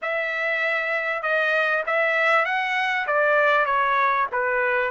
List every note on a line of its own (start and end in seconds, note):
0.02 1.22 E5
1.22 1.83 D#5
1.86 2.45 E5
2.45 3.06 F#5
3.06 3.65 D5
3.65 4.27 C#5
4.32 4.90 B4